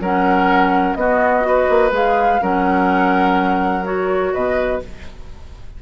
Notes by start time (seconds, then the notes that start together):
0.00 F#3 C#4 A#4 F#5
0.95 B3 F#4 D#5
1.41 F#4 B4
1.69 A#3
1.91 G#3 G#4 F5
2.41 F#3 C#4 A#4 F#5
3.84 F#4 C#5
4.33 B2 B4 D#5